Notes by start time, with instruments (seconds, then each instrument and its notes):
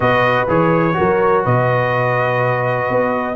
0.00 tuba B2, trombone F#4, horn B4, trumpet D#5
0.48 tuba E3, trombone G#4, trumpet C#5
0.93 tuba F#3, trombone F#4, horn A#4
1.43 tuba B2, horn B4, trumpet D#5
2.89 tuba B3